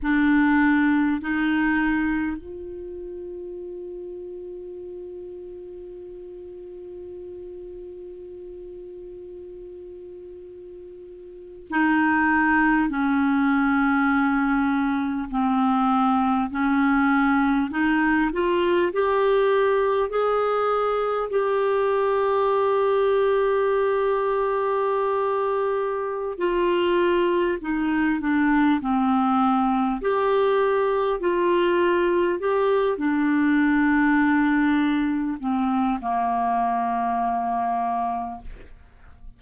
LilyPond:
\new Staff \with { instrumentName = "clarinet" } { \time 4/4 \tempo 4 = 50 d'4 dis'4 f'2~ | f'1~ | f'4.~ f'16 dis'4 cis'4~ cis'16~ | cis'8. c'4 cis'4 dis'8 f'8 g'16~ |
g'8. gis'4 g'2~ g'16~ | g'2 f'4 dis'8 d'8 | c'4 g'4 f'4 g'8 d'8~ | d'4. c'8 ais2 | }